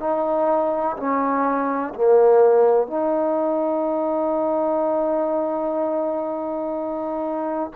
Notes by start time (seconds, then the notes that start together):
0.00 D#4
0.97 C#4
1.95 A#3
2.88 D#4